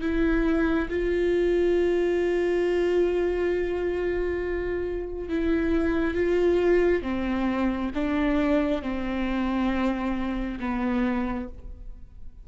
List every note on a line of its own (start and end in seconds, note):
0.00 0.88 E4
0.89 5.29 F4
5.29 6.14 E4
6.14 7.02 F4
7.02 7.90 C4
7.95 8.82 D4
8.82 10.58 C4
10.60 11.48 B3